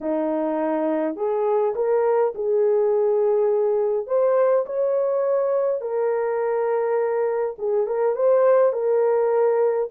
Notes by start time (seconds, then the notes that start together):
0.00 D#4
1.15 G#4
1.75 A#4
2.34 G#4
4.06 C5
4.65 C#5
5.81 A#4
7.58 G#4
7.86 A#4
8.15 C5
8.72 A#4